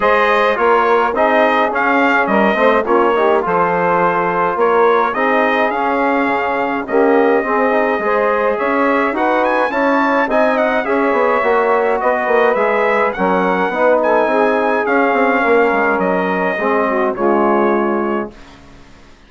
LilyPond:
<<
  \new Staff \with { instrumentName = "trumpet" } { \time 4/4 \tempo 4 = 105 dis''4 cis''4 dis''4 f''4 | dis''4 cis''4 c''2 | cis''4 dis''4 f''2 | dis''2. e''4 |
fis''8 gis''8 a''4 gis''8 fis''8 e''4~ | e''4 dis''4 e''4 fis''4~ | fis''8 gis''4. f''2 | dis''2 cis''2 | }
  \new Staff \with { instrumentName = "saxophone" } { \time 4/4 c''4 ais'4 gis'2 | ais'8 c''8 f'8 g'8 a'2 | ais'4 gis'2. | g'4 gis'4 c''4 cis''4 |
b'4 cis''4 dis''4 cis''4~ | cis''4 b'2 ais'4 | b'8 a'8 gis'2 ais'4~ | ais'4 gis'8 fis'8 f'2 | }
  \new Staff \with { instrumentName = "trombone" } { \time 4/4 gis'4 f'4 dis'4 cis'4~ | cis'8 c'8 cis'8 dis'8 f'2~ | f'4 dis'4 cis'2 | ais4 c'8 dis'8 gis'2 |
fis'4 e'4 dis'4 gis'4 | fis'2 gis'4 cis'4 | dis'2 cis'2~ | cis'4 c'4 gis2 | }
  \new Staff \with { instrumentName = "bassoon" } { \time 4/4 gis4 ais4 c'4 cis'4 | g8 a8 ais4 f2 | ais4 c'4 cis'4 cis4 | cis'4 c'4 gis4 cis'4 |
dis'4 cis'4 c'4 cis'8 b8 | ais4 b8 ais8 gis4 fis4 | b4 c'4 cis'8 c'8 ais8 gis8 | fis4 gis4 cis2 | }
>>